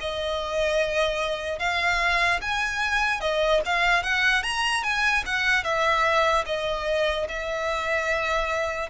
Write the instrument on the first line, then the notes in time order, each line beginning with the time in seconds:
violin
0.00 D#5
1.59 F5
2.41 G#5
3.20 D#5
3.66 F5
4.03 F#5
4.43 A#5
4.84 G#5
5.26 F#5
5.64 E5
6.46 D#5
7.29 E5